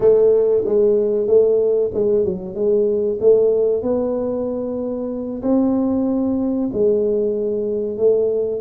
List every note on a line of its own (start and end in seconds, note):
0.00 0.64 A3
0.65 1.27 G#3
1.27 1.91 A3
1.94 2.24 G#3
2.24 2.54 F#3
2.54 3.18 G#3
3.20 3.82 A3
3.82 5.41 B3
5.42 6.70 C4
6.72 7.97 G#3
7.97 8.61 A3